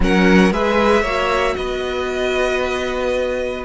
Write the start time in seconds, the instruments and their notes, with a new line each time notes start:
0.00 cello F#3, viola C#4, violin A#4 F#5
0.51 cello G#3, viola G#4, violin B4 E5
1.02 cello A#3, viola F#4, violin C#5
1.55 cello B3, violin B4 D#5